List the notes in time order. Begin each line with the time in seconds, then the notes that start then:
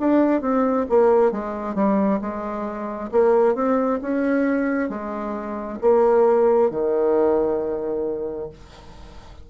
0.00 D4
0.42 C4
0.90 A#3
1.32 G#3
1.75 G3
2.21 G#3
3.12 A#3
3.55 C4
4.02 C#4
4.90 G#3
5.81 A#3
6.71 D#3